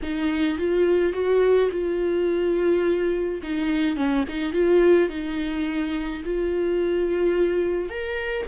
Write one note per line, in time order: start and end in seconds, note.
0.02 0.58 D#4
0.58 1.12 F4
1.12 1.69 F#4
1.71 3.41 F4
3.42 3.96 D#4
3.96 4.24 C#4
4.28 4.53 D#4
4.53 5.09 F4
5.09 6.22 D#4
6.24 7.89 F4
7.89 8.46 A#4